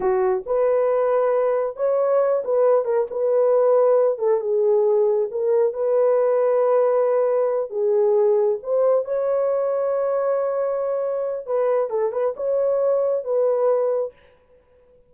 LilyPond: \new Staff \with { instrumentName = "horn" } { \time 4/4 \tempo 4 = 136 fis'4 b'2. | cis''4. b'4 ais'8 b'4~ | b'4. a'8 gis'2 | ais'4 b'2.~ |
b'4. gis'2 c''8~ | c''8 cis''2.~ cis''8~ | cis''2 b'4 a'8 b'8 | cis''2 b'2 | }